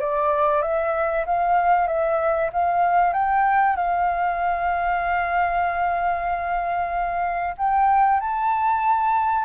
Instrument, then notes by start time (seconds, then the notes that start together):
flute
0.00 D5
0.62 E5
1.26 F5
1.87 E5
2.53 F5
3.13 G5
3.76 F5
7.58 G5
8.20 A5